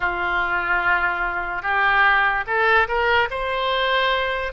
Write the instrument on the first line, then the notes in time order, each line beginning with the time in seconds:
oboe
0.00 F4
1.62 G4
2.46 A4
2.88 A#4
3.30 C5